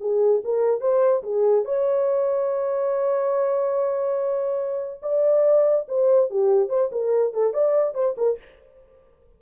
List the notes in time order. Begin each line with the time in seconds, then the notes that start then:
0.00 G#4
0.44 A#4
0.80 C5
1.22 G#4
1.65 C#5
5.02 D5
5.88 C5
6.30 G4
6.69 C5
6.92 A#4
7.33 A4
7.53 D5
7.94 C5
8.17 A#4